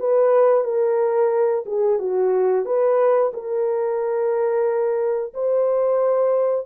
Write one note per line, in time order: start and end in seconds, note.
0.00 0.65 B4
0.65 1.65 A#4
1.66 1.99 G#4
1.99 2.65 F#4
2.65 3.32 B4
3.34 5.34 A#4
5.34 6.66 C5